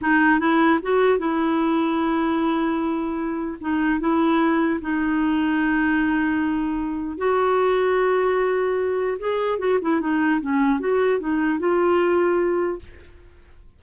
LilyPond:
\new Staff \with { instrumentName = "clarinet" } { \time 4/4 \tempo 4 = 150 dis'4 e'4 fis'4 e'4~ | e'1~ | e'4 dis'4 e'2 | dis'1~ |
dis'2 fis'2~ | fis'2. gis'4 | fis'8 e'8 dis'4 cis'4 fis'4 | dis'4 f'2. | }